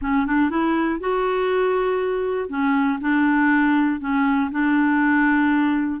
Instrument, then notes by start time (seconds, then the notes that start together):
clarinet
0.01 C#4
0.26 D4
0.50 E4
1.00 F#4
2.49 C#4
3.00 D4
4.00 C#4
4.51 D4